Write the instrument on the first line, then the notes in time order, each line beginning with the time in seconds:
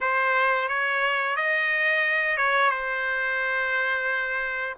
trumpet
0.01 C5
0.68 C#5
1.36 D#5
2.37 C#5
2.70 C5